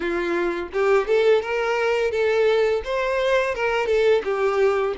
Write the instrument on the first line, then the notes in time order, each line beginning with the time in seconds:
violin
0.00 F4
0.73 G4
1.07 A4
1.41 A#4
2.11 A4
2.84 C5
3.54 A#4
3.86 A4
4.24 G4